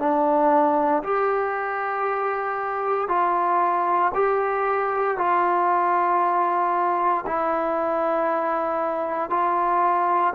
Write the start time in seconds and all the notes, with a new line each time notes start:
0.00 D4
1.03 G4
3.09 F4
4.15 G4
5.18 F4
7.27 E4
9.31 F4